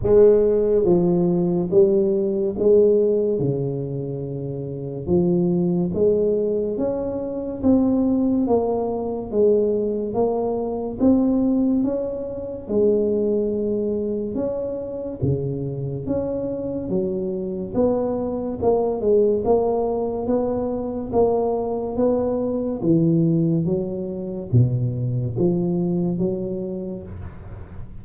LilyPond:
\new Staff \with { instrumentName = "tuba" } { \time 4/4 \tempo 4 = 71 gis4 f4 g4 gis4 | cis2 f4 gis4 | cis'4 c'4 ais4 gis4 | ais4 c'4 cis'4 gis4~ |
gis4 cis'4 cis4 cis'4 | fis4 b4 ais8 gis8 ais4 | b4 ais4 b4 e4 | fis4 b,4 f4 fis4 | }